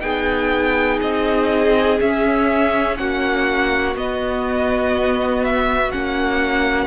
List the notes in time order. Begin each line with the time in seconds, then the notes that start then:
0.00 B3 D#4 G#4 G5
1.01 C4 D#5
1.99 C#4 E5
2.96 A#3 F#4 F#5
3.95 B3 D#5
5.44 E5
5.91 A#3 C#4 F#5